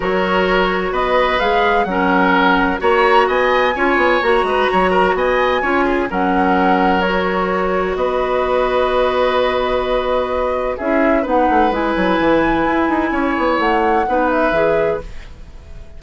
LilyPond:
<<
  \new Staff \with { instrumentName = "flute" } { \time 4/4 \tempo 4 = 128 cis''2 dis''4 f''4 | fis''2 ais''4 gis''4~ | gis''4 ais''2 gis''4~ | gis''4 fis''2 cis''4~ |
cis''4 dis''2.~ | dis''2. e''4 | fis''4 gis''2.~ | gis''4 fis''4. e''4. | }
  \new Staff \with { instrumentName = "oboe" } { \time 4/4 ais'2 b'2 | ais'2 cis''4 dis''4 | cis''4. b'8 cis''8 ais'8 dis''4 | cis''8 gis'8 ais'2.~ |
ais'4 b'2.~ | b'2. gis'4 | b'1 | cis''2 b'2 | }
  \new Staff \with { instrumentName = "clarinet" } { \time 4/4 fis'2. gis'4 | cis'2 fis'2 | f'4 fis'2. | f'4 cis'2 fis'4~ |
fis'1~ | fis'2. e'4 | dis'4 e'2.~ | e'2 dis'4 gis'4 | }
  \new Staff \with { instrumentName = "bassoon" } { \time 4/4 fis2 b4 gis4 | fis2 ais4 b4 | cis'8 b8 ais8 gis8 fis4 b4 | cis'4 fis2.~ |
fis4 b2.~ | b2. cis'4 | b8 a8 gis8 fis8 e4 e'8 dis'8 | cis'8 b8 a4 b4 e4 | }
>>